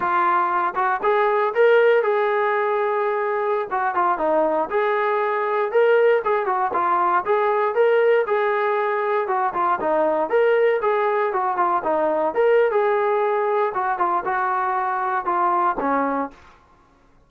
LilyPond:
\new Staff \with { instrumentName = "trombone" } { \time 4/4 \tempo 4 = 118 f'4. fis'8 gis'4 ais'4 | gis'2.~ gis'16 fis'8 f'16~ | f'16 dis'4 gis'2 ais'8.~ | ais'16 gis'8 fis'8 f'4 gis'4 ais'8.~ |
ais'16 gis'2 fis'8 f'8 dis'8.~ | dis'16 ais'4 gis'4 fis'8 f'8 dis'8.~ | dis'16 ais'8. gis'2 fis'8 f'8 | fis'2 f'4 cis'4 | }